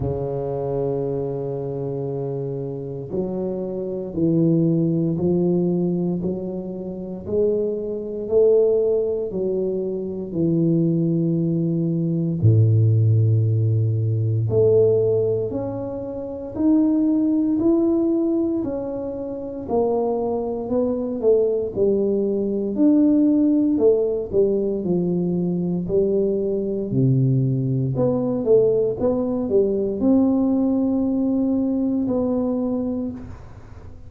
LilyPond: \new Staff \with { instrumentName = "tuba" } { \time 4/4 \tempo 4 = 58 cis2. fis4 | e4 f4 fis4 gis4 | a4 fis4 e2 | a,2 a4 cis'4 |
dis'4 e'4 cis'4 ais4 | b8 a8 g4 d'4 a8 g8 | f4 g4 c4 b8 a8 | b8 g8 c'2 b4 | }